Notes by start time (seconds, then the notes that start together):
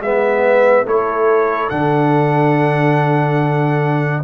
0.00 G#3 B3 E5
0.06 B4
0.85 A3 E4 A4 C#5
1.69 D3 D4 F#5